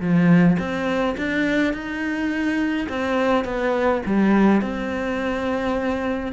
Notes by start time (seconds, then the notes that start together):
0.00 F3
0.59 C4
1.17 D4
1.73 D#4
2.89 C4
3.44 B3
4.06 G3
4.61 C4